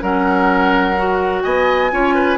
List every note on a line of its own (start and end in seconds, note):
0.00 1.44 F#3
0.00 0.95 C#4
0.00 1.43 A#4
0.00 1.43 F#5
0.97 1.91 F#4
1.43 1.92 B3
1.43 1.91 D#5
1.43 2.38 G#5
1.91 2.38 C#4
1.91 2.38 F4
1.91 2.15 C#5
2.15 2.38 B4